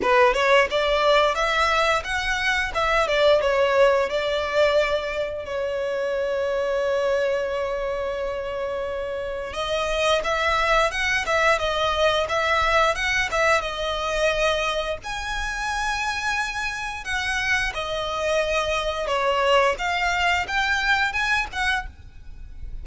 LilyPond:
\new Staff \with { instrumentName = "violin" } { \time 4/4 \tempo 4 = 88 b'8 cis''8 d''4 e''4 fis''4 | e''8 d''8 cis''4 d''2 | cis''1~ | cis''2 dis''4 e''4 |
fis''8 e''8 dis''4 e''4 fis''8 e''8 | dis''2 gis''2~ | gis''4 fis''4 dis''2 | cis''4 f''4 g''4 gis''8 fis''8 | }